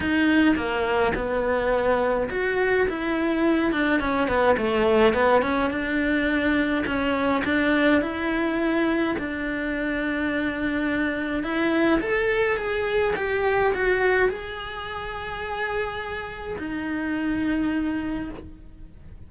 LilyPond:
\new Staff \with { instrumentName = "cello" } { \time 4/4 \tempo 4 = 105 dis'4 ais4 b2 | fis'4 e'4. d'8 cis'8 b8 | a4 b8 cis'8 d'2 | cis'4 d'4 e'2 |
d'1 | e'4 a'4 gis'4 g'4 | fis'4 gis'2.~ | gis'4 dis'2. | }